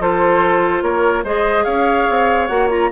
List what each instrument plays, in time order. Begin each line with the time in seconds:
0.00 bassoon F3, clarinet F4, oboe A4, flute C5
0.83 bassoon A#3, oboe A#4, flute C#5
1.24 bassoon G#3, clarinet G#4, oboe C5, flute D#5
1.65 bassoon C#4, oboe C#5, flute F5
2.10 bassoon C4
2.48 bassoon A#3, clarinet F#4, flute F#5
2.70 clarinet F4, flute A#5